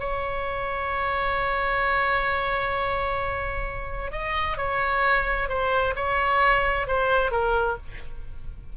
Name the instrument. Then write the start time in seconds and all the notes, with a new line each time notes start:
oboe
0.00 C#5
4.12 D#5
4.57 C#5
5.49 C5
5.96 C#5
6.88 C5
7.32 A#4